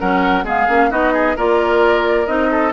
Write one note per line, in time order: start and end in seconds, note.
0.00 0.44 F#3
0.00 0.45 C#4
0.00 0.45 A#4
0.00 0.45 F#5
0.44 0.67 G#3
0.44 0.68 B3
0.44 0.90 G#4
0.44 0.92 F5
0.69 0.91 A#3
0.69 0.91 C#4
0.91 1.37 B3
0.91 1.36 D#4
0.91 1.14 F#4
0.91 1.37 D#5
1.14 1.36 G#4
1.37 2.28 A#3
1.37 2.27 F4
1.37 2.50 A#4
1.37 2.27 D5
2.27 2.73 C4
2.27 2.72 D#4
2.27 2.73 D#5
2.51 2.73 A4